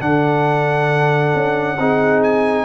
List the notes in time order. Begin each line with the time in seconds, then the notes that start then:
0.00 D3 D4 A4 F#5
1.35 C#4
1.79 C4 D#4 G#4
2.23 G#5